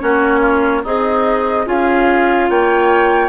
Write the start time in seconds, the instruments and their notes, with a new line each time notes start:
0.00 bassoon A#3, clarinet C#4, oboe F#4, flute C#5
0.40 oboe F4
0.83 bassoon C4, oboe D#4, clarinet G#4, flute D#5
1.66 bassoon C#4, clarinet F4, oboe G#4, flute F5
2.49 bassoon A#3, oboe C#5, flute G5